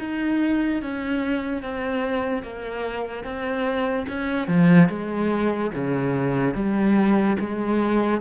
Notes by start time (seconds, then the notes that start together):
0.00 D#4
0.82 C#4
1.63 C4
2.43 A#3
3.24 C4
4.08 C#4
4.48 F3
4.89 G#3
5.75 C#3
6.55 G3
7.40 G#3